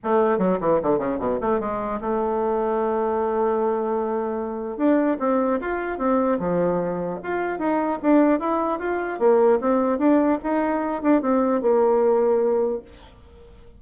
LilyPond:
\new Staff \with { instrumentName = "bassoon" } { \time 4/4 \tempo 4 = 150 a4 fis8 e8 d8 cis8 b,8 a8 | gis4 a2.~ | a1 | d'4 c'4 f'4 c'4 |
f2 f'4 dis'4 | d'4 e'4 f'4 ais4 | c'4 d'4 dis'4. d'8 | c'4 ais2. | }